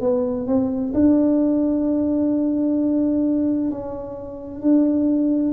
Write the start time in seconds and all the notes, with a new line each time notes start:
0.00 B3
0.47 C4
0.94 D4
3.70 C#4
4.61 D4